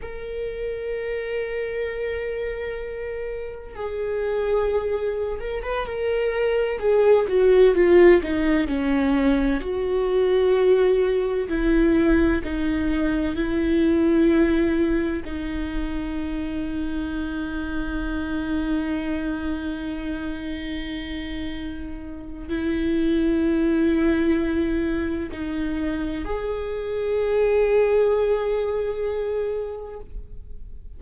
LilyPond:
\new Staff \with { instrumentName = "viola" } { \time 4/4 \tempo 4 = 64 ais'1 | gis'4.~ gis'16 ais'16 b'16 ais'4 gis'8 fis'16~ | fis'16 f'8 dis'8 cis'4 fis'4.~ fis'16~ | fis'16 e'4 dis'4 e'4.~ e'16~ |
e'16 dis'2.~ dis'8.~ | dis'1 | e'2. dis'4 | gis'1 | }